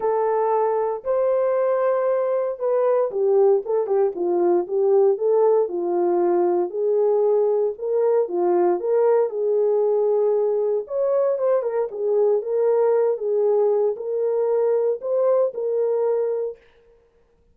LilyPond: \new Staff \with { instrumentName = "horn" } { \time 4/4 \tempo 4 = 116 a'2 c''2~ | c''4 b'4 g'4 a'8 g'8 | f'4 g'4 a'4 f'4~ | f'4 gis'2 ais'4 |
f'4 ais'4 gis'2~ | gis'4 cis''4 c''8 ais'8 gis'4 | ais'4. gis'4. ais'4~ | ais'4 c''4 ais'2 | }